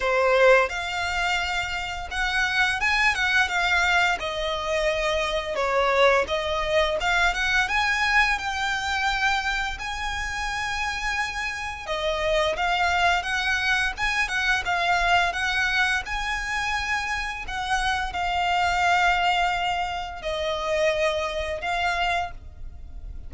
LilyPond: \new Staff \with { instrumentName = "violin" } { \time 4/4 \tempo 4 = 86 c''4 f''2 fis''4 | gis''8 fis''8 f''4 dis''2 | cis''4 dis''4 f''8 fis''8 gis''4 | g''2 gis''2~ |
gis''4 dis''4 f''4 fis''4 | gis''8 fis''8 f''4 fis''4 gis''4~ | gis''4 fis''4 f''2~ | f''4 dis''2 f''4 | }